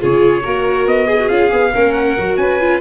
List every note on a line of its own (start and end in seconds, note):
0.00 0.46 C#3
0.00 0.43 F4
0.00 0.43 G#4
0.00 0.88 C#5
0.43 0.87 A#3
0.43 1.08 F#4
0.43 1.07 A#4
0.87 1.30 B3
0.87 1.29 D#5
1.07 1.72 G#4
1.07 1.18 G#4
1.20 1.29 F#4
1.29 1.52 C#4
1.29 1.51 F4
1.29 1.92 F5
1.51 1.74 B3
1.51 1.72 G#4
1.74 2.18 A#3
1.74 2.17 C#4
1.74 2.40 A#4
1.92 2.36 F#5
2.18 2.37 F#3
2.18 2.60 F#4
2.37 2.81 C#4
2.37 2.81 B4
2.37 2.80 G#5
2.60 2.81 F4